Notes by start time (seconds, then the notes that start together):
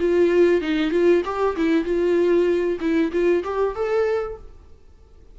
0.00 F4
0.62 D#4
0.91 F4
1.25 G4
1.57 E4
1.85 F4
2.81 E4
3.12 F4
3.44 G4
3.76 A4